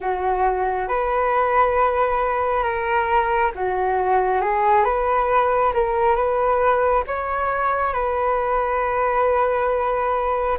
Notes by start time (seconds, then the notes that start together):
0.00 F#4
0.88 B4
2.63 A#4
3.55 F#4
4.41 G#4
4.84 B4
5.73 A#4
6.15 B4
7.07 C#5
7.93 B4